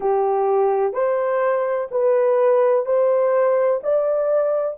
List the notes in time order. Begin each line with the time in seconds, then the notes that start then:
0.00 G4
0.93 C5
1.91 B4
2.85 C5
3.83 D5